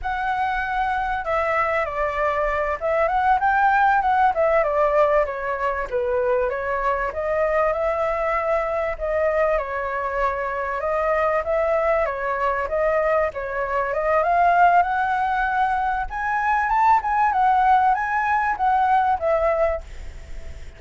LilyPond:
\new Staff \with { instrumentName = "flute" } { \time 4/4 \tempo 4 = 97 fis''2 e''4 d''4~ | d''8 e''8 fis''8 g''4 fis''8 e''8 d''8~ | d''8 cis''4 b'4 cis''4 dis''8~ | dis''8 e''2 dis''4 cis''8~ |
cis''4. dis''4 e''4 cis''8~ | cis''8 dis''4 cis''4 dis''8 f''4 | fis''2 gis''4 a''8 gis''8 | fis''4 gis''4 fis''4 e''4 | }